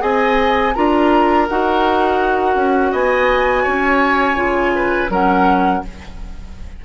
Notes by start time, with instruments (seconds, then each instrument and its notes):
0.00 bassoon C4, clarinet G#4, oboe D#5, flute G#5
0.74 bassoon D4, clarinet F4, oboe A#4, flute A#5
1.49 bassoon D#4, clarinet F#4, flute F#5
2.55 bassoon C#4
2.92 bassoon B3, oboe D#5, flute G#5
3.62 bassoon C#4, oboe C#5
4.36 bassoon C#3, clarinet F4
4.75 oboe B4
5.09 bassoon F#3, clarinet C#4, oboe A#4, flute F#5